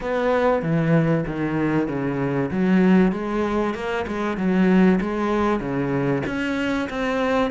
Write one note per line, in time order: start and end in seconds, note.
0.00 0.62 B3
0.62 1.24 E3
1.26 1.88 D#3
1.88 2.50 C#3
2.51 3.12 F#3
3.12 3.74 G#3
3.74 4.05 A#3
4.07 4.37 G#3
4.37 4.99 F#3
5.00 5.60 G#3
5.60 6.22 C#3
6.26 6.88 C#4
6.89 7.50 C4